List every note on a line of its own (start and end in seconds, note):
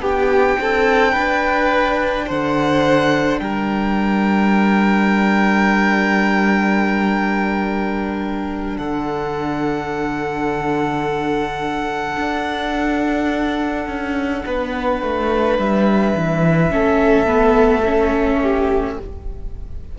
0.00 0.57 B3
0.00 16.70 D4
0.00 0.58 G4
0.00 2.30 G5
0.59 1.16 C4
0.59 1.12 A4
1.12 2.30 D4
1.12 2.25 B4
2.26 3.40 D3
2.26 3.40 C5
2.26 3.39 F#5
3.39 8.77 G3
3.39 8.78 A#4
3.39 8.77 G5
8.78 12.16 D3
8.78 14.44 A4
8.78 15.57 F#5
12.16 13.86 D4
13.87 14.44 C#4
14.46 15.02 B3
14.46 16.73 B4
15.02 15.58 A3
15.58 16.15 G3
15.58 18.98 E5
16.15 16.72 E3
16.70 18.98 A3
16.70 17.26 C#4
16.70 18.42 A4
17.26 17.83 B3
17.85 18.98 C#4
18.42 18.98 G4